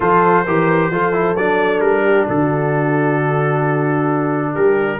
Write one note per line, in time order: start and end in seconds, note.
0.00 0.45 F3
0.00 0.46 F4
0.00 0.44 A4
0.00 1.36 C5
0.44 0.90 E3
0.44 0.92 G4
0.44 0.90 A#4
0.90 1.36 F3
0.90 1.12 F4
0.90 2.04 A4
1.12 1.35 E4
1.36 1.80 F#3
1.36 4.99 D4
1.36 1.80 D5
1.80 2.26 G3
1.80 2.25 A#4
2.04 2.27 G4
2.27 4.55 D3
2.27 4.53 F#4
2.27 4.55 A4
4.53 4.99 G3
4.53 4.98 G4
4.53 4.99 A#4